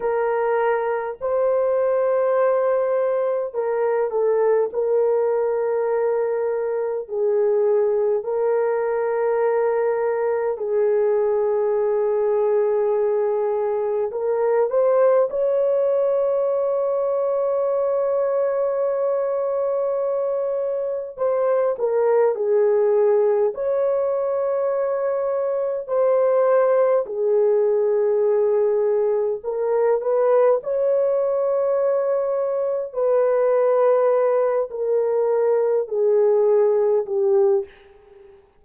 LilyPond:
\new Staff \with { instrumentName = "horn" } { \time 4/4 \tempo 4 = 51 ais'4 c''2 ais'8 a'8 | ais'2 gis'4 ais'4~ | ais'4 gis'2. | ais'8 c''8 cis''2.~ |
cis''2 c''8 ais'8 gis'4 | cis''2 c''4 gis'4~ | gis'4 ais'8 b'8 cis''2 | b'4. ais'4 gis'4 g'8 | }